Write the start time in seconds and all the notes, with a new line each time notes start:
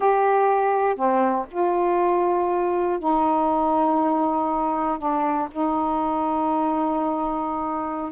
0.00 G4
0.95 C4
1.50 F4
2.99 D#4
4.98 D4
5.51 D#4